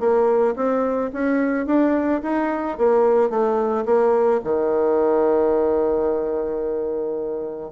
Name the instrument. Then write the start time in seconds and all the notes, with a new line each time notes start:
bassoon
0.00 A#3
0.56 C4
1.13 C#4
1.66 D4
2.23 D#4
2.78 A#3
3.30 A3
3.86 A#3
4.44 D#3